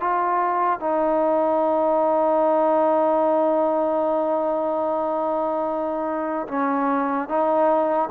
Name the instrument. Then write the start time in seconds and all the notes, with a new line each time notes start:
trombone
0.00 F4
0.80 D#4
6.48 C#4
7.29 D#4